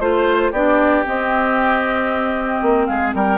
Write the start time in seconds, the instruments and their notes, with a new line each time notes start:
0.00 bassoon A3, clarinet F4, flute C5, oboe C5
0.52 bassoon B3, clarinet D4, oboe G4, flute D5
1.05 clarinet C4, bassoon C4, flute D#5
2.62 bassoon A#3
2.87 bassoon G#3, oboe G#4, flute F5
3.15 bassoon G3, oboe A#4, flute G5